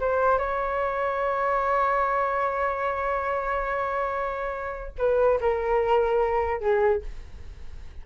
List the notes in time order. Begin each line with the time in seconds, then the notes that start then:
0.00 C5
0.38 C#5
4.98 B4
5.41 A#4
6.60 G#4